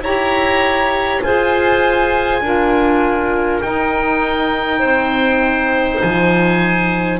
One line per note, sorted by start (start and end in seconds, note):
0.00 1.20 E4
0.00 1.23 G4
0.00 1.23 C#5
0.00 1.23 A#5
1.22 2.40 F4
1.22 2.43 G#4
1.22 2.41 C5
1.22 3.62 G#5
2.40 3.60 D4
2.40 3.61 F4
2.40 4.79 A#4
3.61 7.20 D#4
3.61 4.82 D#4
3.61 6.02 G5
4.79 6.02 C4
4.79 7.19 C5
6.02 7.20 F3
6.02 7.20 G#5